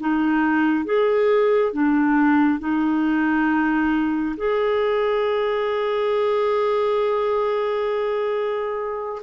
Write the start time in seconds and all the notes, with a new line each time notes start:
0.00 D#4
0.85 G#4
1.72 D4
2.59 D#4
4.37 G#4